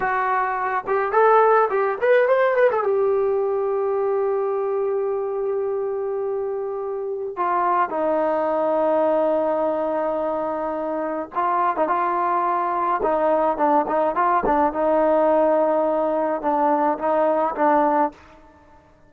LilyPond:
\new Staff \with { instrumentName = "trombone" } { \time 4/4 \tempo 4 = 106 fis'4. g'8 a'4 g'8 b'8 | c''8 b'16 a'16 g'2.~ | g'1~ | g'4 f'4 dis'2~ |
dis'1 | f'8. dis'16 f'2 dis'4 | d'8 dis'8 f'8 d'8 dis'2~ | dis'4 d'4 dis'4 d'4 | }